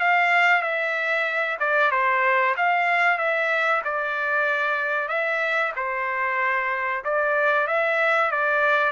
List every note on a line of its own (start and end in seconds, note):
0.00 0.62 F5
0.62 1.58 E5
1.60 1.91 D5
1.91 2.55 C5
2.57 3.18 F5
3.18 3.82 E5
3.85 5.09 D5
5.09 5.72 E5
5.76 7.04 C5
7.04 7.67 D5
7.67 8.31 E5
8.31 8.92 D5